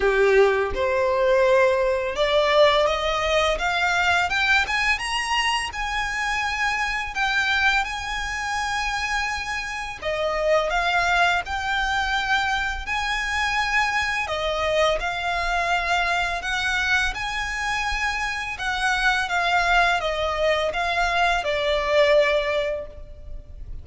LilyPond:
\new Staff \with { instrumentName = "violin" } { \time 4/4 \tempo 4 = 84 g'4 c''2 d''4 | dis''4 f''4 g''8 gis''8 ais''4 | gis''2 g''4 gis''4~ | gis''2 dis''4 f''4 |
g''2 gis''2 | dis''4 f''2 fis''4 | gis''2 fis''4 f''4 | dis''4 f''4 d''2 | }